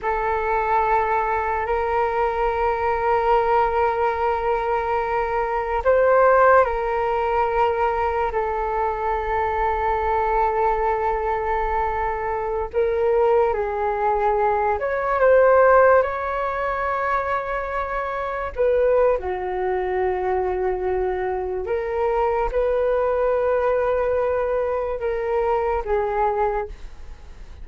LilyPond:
\new Staff \with { instrumentName = "flute" } { \time 4/4 \tempo 4 = 72 a'2 ais'2~ | ais'2. c''4 | ais'2 a'2~ | a'2.~ a'16 ais'8.~ |
ais'16 gis'4. cis''8 c''4 cis''8.~ | cis''2~ cis''16 b'8. fis'4~ | fis'2 ais'4 b'4~ | b'2 ais'4 gis'4 | }